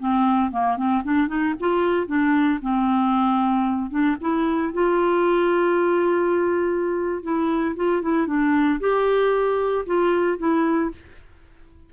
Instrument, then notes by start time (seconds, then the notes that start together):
clarinet
0.00 C4
0.52 A#3
0.77 C4
1.04 D4
1.28 D#4
1.61 F4
2.07 D4
2.62 C4
3.91 D4
4.22 E4
4.74 F4
7.23 E4
7.77 F4
8.03 E4
8.28 D4
8.81 G4
9.87 F4
10.39 E4